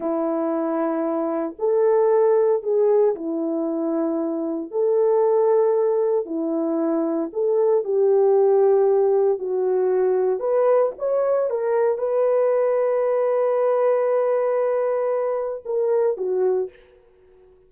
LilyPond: \new Staff \with { instrumentName = "horn" } { \time 4/4 \tempo 4 = 115 e'2. a'4~ | a'4 gis'4 e'2~ | e'4 a'2. | e'2 a'4 g'4~ |
g'2 fis'2 | b'4 cis''4 ais'4 b'4~ | b'1~ | b'2 ais'4 fis'4 | }